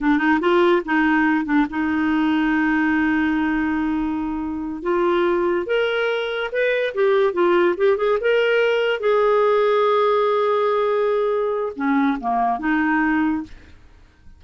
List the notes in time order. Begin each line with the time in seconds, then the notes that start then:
0.01 D4
0.18 D#4
0.40 F4
0.85 D#4
1.45 D4
1.70 D#4
4.82 F4
5.66 A#4
6.51 B4
6.94 G4
7.33 F4
7.77 G4
7.97 G#4
8.20 A#4
8.99 G#4
11.76 C#4
12.20 A#3
12.59 D#4